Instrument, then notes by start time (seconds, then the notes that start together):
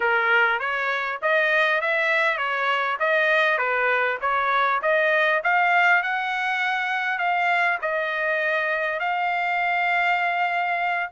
trumpet
0.00 A#4
0.59 C#5
1.22 D#5
1.81 E5
2.37 C#5
2.99 D#5
3.58 B4
4.21 C#5
4.82 D#5
5.43 F5
6.02 F#5
7.18 F5
7.81 D#5
8.99 F5